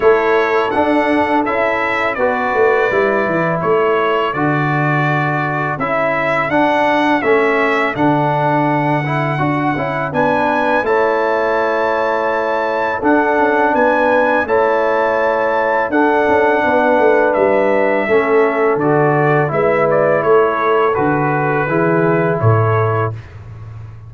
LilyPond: <<
  \new Staff \with { instrumentName = "trumpet" } { \time 4/4 \tempo 4 = 83 cis''4 fis''4 e''4 d''4~ | d''4 cis''4 d''2 | e''4 fis''4 e''4 fis''4~ | fis''2 gis''4 a''4~ |
a''2 fis''4 gis''4 | a''2 fis''2 | e''2 d''4 e''8 d''8 | cis''4 b'2 cis''4 | }
  \new Staff \with { instrumentName = "horn" } { \time 4/4 a'2. b'4~ | b'4 a'2.~ | a'1~ | a'2 b'4 cis''4~ |
cis''2 a'4 b'4 | cis''2 a'4 b'4~ | b'4 a'2 b'4 | a'2 gis'4 a'4 | }
  \new Staff \with { instrumentName = "trombone" } { \time 4/4 e'4 d'4 e'4 fis'4 | e'2 fis'2 | e'4 d'4 cis'4 d'4~ | d'8 e'8 fis'8 e'8 d'4 e'4~ |
e'2 d'2 | e'2 d'2~ | d'4 cis'4 fis'4 e'4~ | e'4 fis'4 e'2 | }
  \new Staff \with { instrumentName = "tuba" } { \time 4/4 a4 d'4 cis'4 b8 a8 | g8 e8 a4 d2 | cis'4 d'4 a4 d4~ | d4 d'8 cis'8 b4 a4~ |
a2 d'8 cis'8 b4 | a2 d'8 cis'8 b8 a8 | g4 a4 d4 gis4 | a4 d4 e4 a,4 | }
>>